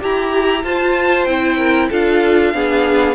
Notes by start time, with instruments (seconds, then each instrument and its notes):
0.00 cello E4, viola G4, violin G4 A#5
0.64 cello F4, viola F4, violin C5 A5
1.25 cello C4, viola E4, violin G5
1.58 violin A#4
1.90 cello D4, viola F4, violin A4 F5
2.54 cello B3, viola D4, violin G#4